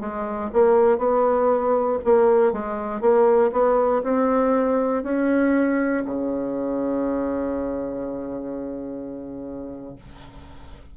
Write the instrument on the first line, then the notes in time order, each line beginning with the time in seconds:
bassoon
0.00 G#3
0.53 A#3
0.98 B3
2.04 A#3
2.52 G#3
3.01 A#3
3.52 B3
4.03 C4
5.03 C#4
6.05 C#3